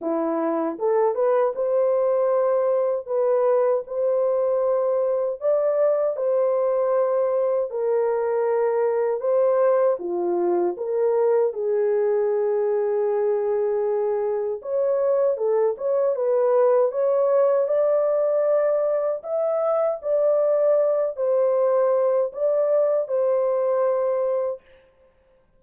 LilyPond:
\new Staff \with { instrumentName = "horn" } { \time 4/4 \tempo 4 = 78 e'4 a'8 b'8 c''2 | b'4 c''2 d''4 | c''2 ais'2 | c''4 f'4 ais'4 gis'4~ |
gis'2. cis''4 | a'8 cis''8 b'4 cis''4 d''4~ | d''4 e''4 d''4. c''8~ | c''4 d''4 c''2 | }